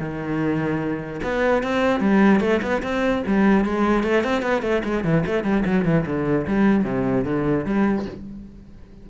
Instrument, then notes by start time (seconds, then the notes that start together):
cello
0.00 D#3
1.24 B3
1.63 C4
2.00 G3
2.41 A3
2.62 B3
2.83 C4
3.27 G3
3.65 G#3
4.04 A3
4.24 C4
4.42 B3
4.63 A3
4.85 G#3
5.04 E3
5.26 A3
5.44 G3
5.66 F#3
5.85 E3
6.06 D3
6.47 G3
6.85 C3
7.25 D3
7.65 G3